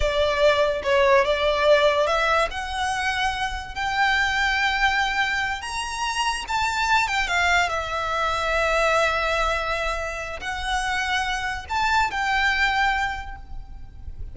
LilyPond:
\new Staff \with { instrumentName = "violin" } { \time 4/4 \tempo 4 = 144 d''2 cis''4 d''4~ | d''4 e''4 fis''2~ | fis''4 g''2.~ | g''4. ais''2 a''8~ |
a''4 g''8 f''4 e''4.~ | e''1~ | e''4 fis''2. | a''4 g''2. | }